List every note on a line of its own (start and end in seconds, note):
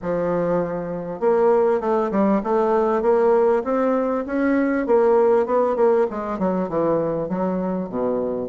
0.02 1.20 F3
1.20 1.80 A#3
1.80 2.10 A3
2.11 2.41 G3
2.43 3.02 A3
3.02 3.62 A#3
3.64 4.24 C4
4.26 4.86 C#4
4.86 5.45 A#3
5.45 5.76 B3
5.76 6.06 A#3
6.10 6.39 G#3
6.39 6.68 F#3
6.68 7.28 E3
7.28 7.89 F#3
7.89 8.48 B2